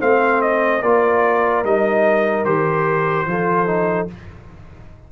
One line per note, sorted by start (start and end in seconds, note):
0.00 0.83 A3
0.00 0.82 C4
0.00 0.82 C5
0.00 0.42 F5
0.42 0.83 D#5
0.82 1.64 A#3
0.82 1.65 F4
0.82 3.29 A#4
0.82 1.65 D5
1.64 2.45 G3
1.64 2.45 D#4
1.64 2.45 D#5
2.45 3.26 D#3
2.45 3.28 G4
2.45 4.09 C5
3.26 4.09 F3
3.26 3.67 F4
3.26 4.12 A4
3.67 4.08 D#4